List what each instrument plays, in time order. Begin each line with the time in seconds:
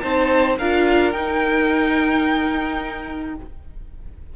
0.00 cello C4, viola D#4, violin C5 A5
0.58 cello D4, viola F4, violin A#4 F5
1.12 cello D#4, viola D#4, violin G5